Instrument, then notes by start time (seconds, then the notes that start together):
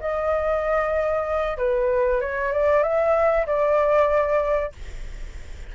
flute
0.00 D#5
1.57 B4
2.20 C#5
2.52 D5
2.82 E5
3.46 D5